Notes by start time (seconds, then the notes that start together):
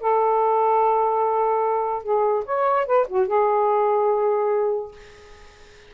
0.00 A4
2.03 G#4
2.45 C#5
2.86 B4
3.08 F#4
3.27 G#4